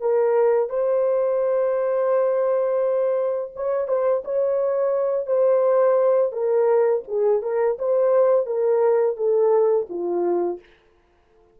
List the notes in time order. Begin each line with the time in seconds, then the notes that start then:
0.00 A#4
0.69 C5
3.56 C#5
3.88 C5
4.24 C#5
5.27 C5
6.32 A#4
7.08 G#4
7.42 A#4
7.78 C5
8.46 A#4
9.16 A4
9.90 F4